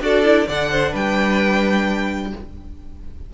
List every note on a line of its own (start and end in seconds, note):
0.00 0.46 D4
0.00 0.24 F#4
0.00 0.47 A4
0.00 0.48 D5
0.24 0.47 E4
0.47 0.93 D3
0.47 2.34 D4
0.47 0.70 D5
0.47 0.95 F#5
0.71 0.91 C5
0.91 2.32 G3
0.91 2.30 B4
0.91 2.33 G5